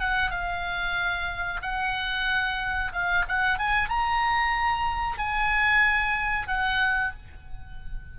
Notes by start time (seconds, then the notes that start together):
0.00 F#5
0.31 F5
1.62 F#5
2.93 F5
3.29 F#5
3.59 G#5
3.90 A#5
5.18 G#5
6.48 F#5